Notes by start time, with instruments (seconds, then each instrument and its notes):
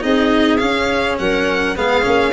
0.00 tuba C4, cello D#4, clarinet G#4, violin D#5
0.57 cello C#4, tuba C#4, violin F5
1.18 tuba F#3, clarinet A#4, violin F#5
1.76 tuba G#3, cello B3, clarinet G#4, violin F5
2.02 tuba A#3, cello C#4